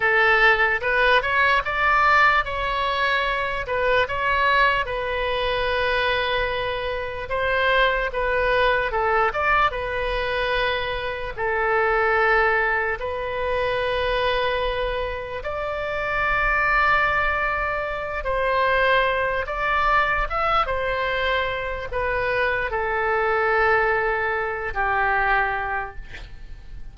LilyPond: \new Staff \with { instrumentName = "oboe" } { \time 4/4 \tempo 4 = 74 a'4 b'8 cis''8 d''4 cis''4~ | cis''8 b'8 cis''4 b'2~ | b'4 c''4 b'4 a'8 d''8 | b'2 a'2 |
b'2. d''4~ | d''2~ d''8 c''4. | d''4 e''8 c''4. b'4 | a'2~ a'8 g'4. | }